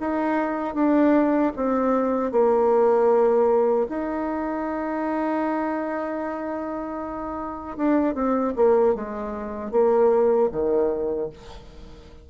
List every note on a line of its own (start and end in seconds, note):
0.00 0.74 D#4
0.74 1.52 D4
1.56 2.31 C4
2.31 3.87 A#3
3.89 7.77 D#4
7.77 8.14 D4
8.14 8.53 C4
8.56 8.94 A#3
8.94 9.71 G#3
9.71 10.49 A#3
10.52 11.30 D#3